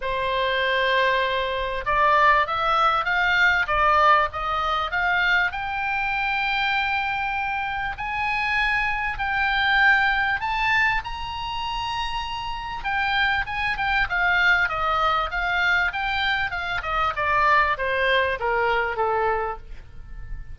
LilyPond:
\new Staff \with { instrumentName = "oboe" } { \time 4/4 \tempo 4 = 98 c''2. d''4 | e''4 f''4 d''4 dis''4 | f''4 g''2.~ | g''4 gis''2 g''4~ |
g''4 a''4 ais''2~ | ais''4 g''4 gis''8 g''8 f''4 | dis''4 f''4 g''4 f''8 dis''8 | d''4 c''4 ais'4 a'4 | }